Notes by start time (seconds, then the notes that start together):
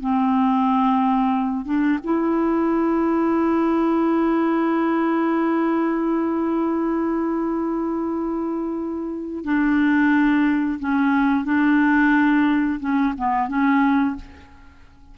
0.00 C4
1.65 D4
2.03 E4
9.44 D4
10.79 C#4
11.45 D4
12.80 C#4
13.17 B3
13.48 C#4